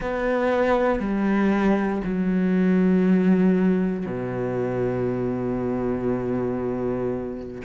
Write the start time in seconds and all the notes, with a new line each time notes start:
0.00 B3
0.99 G3
2.04 F#3
4.06 B2